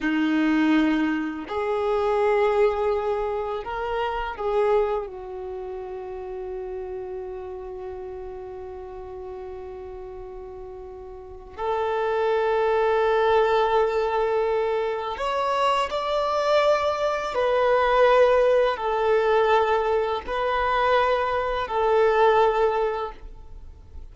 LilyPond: \new Staff \with { instrumentName = "violin" } { \time 4/4 \tempo 4 = 83 dis'2 gis'2~ | gis'4 ais'4 gis'4 fis'4~ | fis'1~ | fis'1 |
a'1~ | a'4 cis''4 d''2 | b'2 a'2 | b'2 a'2 | }